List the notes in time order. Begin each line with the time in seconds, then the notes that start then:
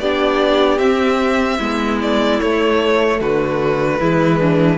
0.00 B3 D4 G4 D5
0.79 C4 E5
1.58 G#3 B3 E4
2.02 D5
2.40 A3 C#5
3.20 D3 F#4 B4
4.00 E3 G#3 E4
4.40 D4